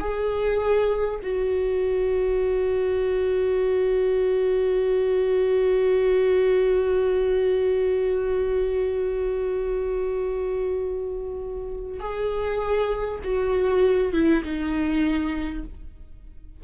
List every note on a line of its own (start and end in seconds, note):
0.00 1.20 G#4
1.23 12.00 F#4
12.00 13.20 G#4
13.24 14.13 F#4
14.13 14.43 E4
14.44 15.64 D#4